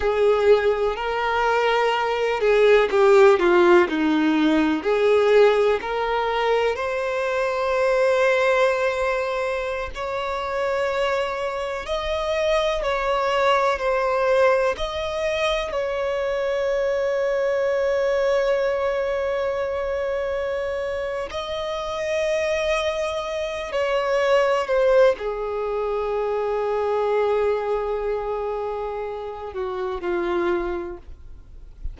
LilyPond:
\new Staff \with { instrumentName = "violin" } { \time 4/4 \tempo 4 = 62 gis'4 ais'4. gis'8 g'8 f'8 | dis'4 gis'4 ais'4 c''4~ | c''2~ c''16 cis''4.~ cis''16~ | cis''16 dis''4 cis''4 c''4 dis''8.~ |
dis''16 cis''2.~ cis''8.~ | cis''2 dis''2~ | dis''8 cis''4 c''8 gis'2~ | gis'2~ gis'8 fis'8 f'4 | }